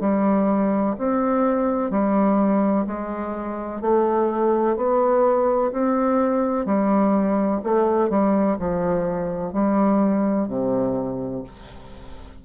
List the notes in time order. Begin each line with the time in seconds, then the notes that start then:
0.00 G3
0.98 C4
1.90 G3
2.87 G#3
3.81 A3
4.76 B3
5.72 C4
6.65 G3
7.63 A3
8.09 G3
8.58 F3
9.53 G3
10.48 C3